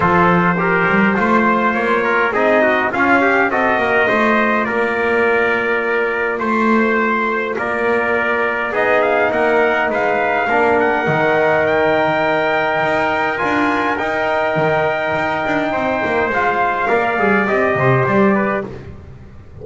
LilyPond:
<<
  \new Staff \with { instrumentName = "trumpet" } { \time 4/4 \tempo 4 = 103 c''2. cis''4 | dis''4 f''4 dis''2 | d''2. c''4~ | c''4 d''2 dis''8 f''8 |
fis''4 f''4. fis''4. | g''2. gis''4 | g''1 | f''2 dis''4 d''4 | }
  \new Staff \with { instrumentName = "trumpet" } { \time 4/4 a'4 ais'4 c''4. ais'8 | gis'8 fis'8 f'8 g'8 a'8 ais'8 c''4 | ais'2. c''4~ | c''4 ais'2 gis'4 |
ais'4 b'4 ais'2~ | ais'1~ | ais'2. c''4~ | c''4 d''4. c''4 b'8 | }
  \new Staff \with { instrumentName = "trombone" } { \time 4/4 f'4 g'4 f'2 | dis'4 cis'4 fis'4 f'4~ | f'1~ | f'2. dis'4~ |
dis'2 d'4 dis'4~ | dis'2. f'4 | dis'1 | f'4 ais'8 gis'8 g'2 | }
  \new Staff \with { instrumentName = "double bass" } { \time 4/4 f4. g8 a4 ais4 | c'4 cis'4 c'8 ais8 a4 | ais2. a4~ | a4 ais2 b4 |
ais4 gis4 ais4 dis4~ | dis2 dis'4 d'4 | dis'4 dis4 dis'8 d'8 c'8 ais8 | gis4 ais8 g8 c'8 c8 g4 | }
>>